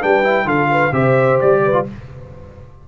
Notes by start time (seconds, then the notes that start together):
0.00 G3 D4 B4 G5
0.24 E4
0.46 D3 F4 A4 F5
0.72 B4
0.93 C3 G4 C5 E5
1.41 G3 D5
1.65 B4
1.73 F4